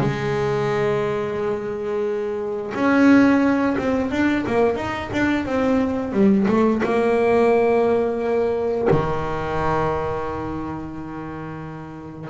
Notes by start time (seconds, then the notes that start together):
0.00 G#3
2.74 C#4
3.77 C4
4.11 D4
4.46 A#3
4.76 D#4
5.13 D4
5.45 C4
6.12 G3
6.47 A3
6.83 A#3
8.90 D#3